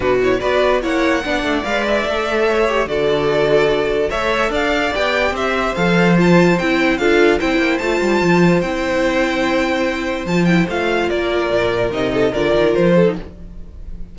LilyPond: <<
  \new Staff \with { instrumentName = "violin" } { \time 4/4 \tempo 4 = 146 b'8 cis''8 d''4 fis''2 | f''8 e''2~ e''8 d''4~ | d''2 e''4 f''4 | g''4 e''4 f''4 a''4 |
g''4 f''4 g''4 a''4~ | a''4 g''2.~ | g''4 a''8 g''8 f''4 d''4~ | d''4 dis''4 d''4 c''4 | }
  \new Staff \with { instrumentName = "violin" } { \time 4/4 fis'4 b'4 cis''4 d''4~ | d''2 cis''4 a'4~ | a'2 cis''4 d''4~ | d''4 c''2.~ |
c''4 a'4 c''2~ | c''1~ | c''2. ais'4~ | ais'4. a'8 ais'4. a'8 | }
  \new Staff \with { instrumentName = "viola" } { \time 4/4 d'8 e'8 fis'4 e'4 d'4 | b'4 a'4. g'8 fis'4~ | fis'2 a'2 | g'2 a'4 f'4 |
e'4 f'4 e'4 f'4~ | f'4 e'2.~ | e'4 f'8 e'8 f'2~ | f'4 dis'4 f'4.~ f'16 dis'16 | }
  \new Staff \with { instrumentName = "cello" } { \time 4/4 b,4 b4 ais4 b8 a8 | gis4 a2 d4~ | d2 a4 d'4 | b4 c'4 f2 |
c'4 d'4 c'8 ais8 a8 g8 | f4 c'2.~ | c'4 f4 a4 ais4 | ais,4 c4 d8 dis8 f4 | }
>>